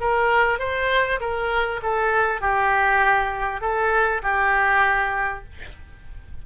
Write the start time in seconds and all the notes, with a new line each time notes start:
0.00 A#4
0.59 C5
1.20 A#4
1.82 A4
2.41 G4
3.61 A4
4.22 G4